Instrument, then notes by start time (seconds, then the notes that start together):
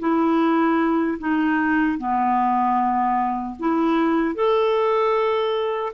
clarinet
0.00 E4
1.19 D#4
1.98 B3
3.60 E4
4.35 A4